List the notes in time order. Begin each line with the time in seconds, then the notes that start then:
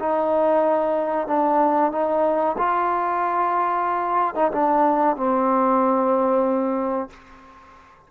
0.00 D#4
1.27 D4
1.91 D#4
2.58 F4
4.35 D#4
4.52 D4
5.17 C4